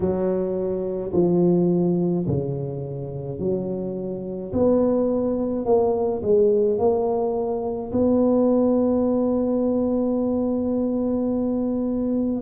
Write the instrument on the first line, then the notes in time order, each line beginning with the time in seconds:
tuba
0.00 F#3
1.12 F3
2.26 C#3
3.39 F#3
4.53 B3
5.64 A#3
6.22 G#3
6.78 A#3
7.92 B3